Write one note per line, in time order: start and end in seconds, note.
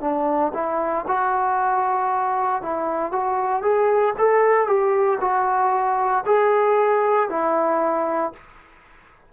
0.00 0.52 D4
0.54 1.05 E4
1.07 2.62 F#4
2.62 3.11 E4
3.11 3.62 F#4
3.62 4.13 G#4
4.18 4.67 A4
4.67 5.19 G4
5.21 6.24 F#4
6.25 7.29 G#4
7.29 8.32 E4